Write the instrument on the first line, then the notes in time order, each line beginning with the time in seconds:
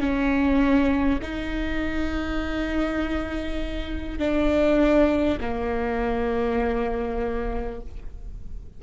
viola
0.00 C#4
1.22 D#4
4.19 D4
5.41 A#3